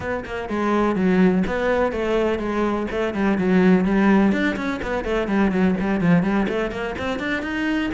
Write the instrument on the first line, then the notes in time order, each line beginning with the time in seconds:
cello
0.00 B3
0.25 A#3
0.49 G#3
0.95 F#3
1.47 B3
1.92 A3
2.38 G#3
2.90 A3
3.14 G3
3.38 F#3
3.84 G3
4.32 D4
4.56 C#4
4.82 B3
5.04 A3
5.27 G3
5.51 F#3
5.79 G3
6.00 F3
6.23 G3
6.48 A3
6.71 A#3
6.98 C4
7.19 D4
7.42 D#4